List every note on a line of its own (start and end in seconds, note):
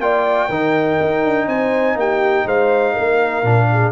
0.00 0.49 A#3
0.00 0.50 F4
0.00 0.50 D5
0.00 1.49 G5
0.50 0.99 D#3
0.50 3.45 D#4
0.50 1.48 A#4
1.01 1.25 D#4
1.25 1.47 D4
1.47 1.96 C4
1.47 1.98 C5
1.47 1.98 G#5
1.96 2.45 A#3
1.96 2.46 G4
1.96 2.48 G5
2.46 2.95 G#3
2.46 2.94 C5
2.46 3.93 F5
2.94 3.44 A#3
2.94 3.68 A#4
3.44 3.93 A#2
3.44 3.93 D4
3.73 3.93 G#4